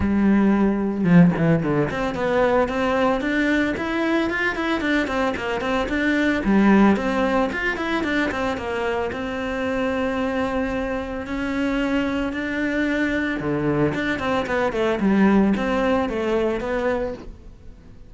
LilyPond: \new Staff \with { instrumentName = "cello" } { \time 4/4 \tempo 4 = 112 g2 f8 e8 d8 c'8 | b4 c'4 d'4 e'4 | f'8 e'8 d'8 c'8 ais8 c'8 d'4 | g4 c'4 f'8 e'8 d'8 c'8 |
ais4 c'2.~ | c'4 cis'2 d'4~ | d'4 d4 d'8 c'8 b8 a8 | g4 c'4 a4 b4 | }